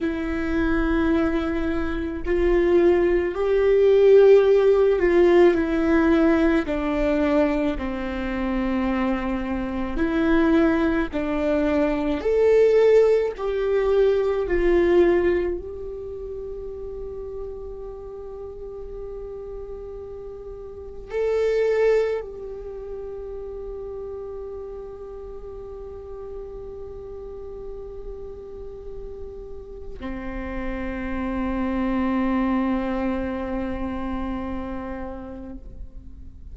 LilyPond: \new Staff \with { instrumentName = "viola" } { \time 4/4 \tempo 4 = 54 e'2 f'4 g'4~ | g'8 f'8 e'4 d'4 c'4~ | c'4 e'4 d'4 a'4 | g'4 f'4 g'2~ |
g'2. a'4 | g'1~ | g'2. c'4~ | c'1 | }